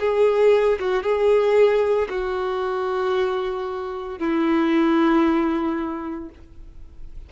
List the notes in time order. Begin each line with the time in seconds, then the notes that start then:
0.00 G#4
0.80 F#4
1.03 G#4
2.10 F#4
4.19 E4